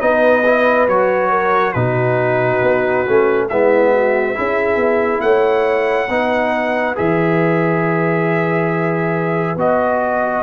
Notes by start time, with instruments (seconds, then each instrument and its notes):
0.00 tuba B3, trombone D#4, horn B4, trumpet D#5
0.45 trombone E4
0.87 tuba F#3, trombone F#4, trumpet C#5
1.30 horn A#4
1.72 tuba B2, trombone D#4, horn F#4, trumpet B4
2.62 tuba B3
3.06 tuba A3, trombone C#4
3.49 tuba G#3, trombone B3, horn E4, trumpet E5
3.92 horn F#4
4.34 tuba C#4, trombone E4, horn G#4
4.76 tuba B3
5.21 tuba A3, horn C#5, trumpet F#5
6.09 tuba B3, trombone D#4, horn B4
6.95 tuba E3, trombone G#4, trumpet E5
9.56 tuba B3, trombone F#4, trumpet D#5